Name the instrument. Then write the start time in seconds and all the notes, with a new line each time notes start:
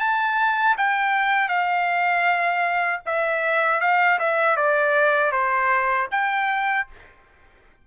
trumpet
0.00 A5
0.78 G5
1.48 F5
3.06 E5
3.81 F5
4.19 E5
4.56 D5
5.32 C5
6.11 G5